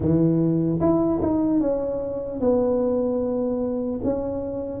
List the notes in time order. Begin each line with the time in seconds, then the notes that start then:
0.00 E3
0.80 E4
1.21 D#4
1.60 C#4
2.40 B3
4.03 C#4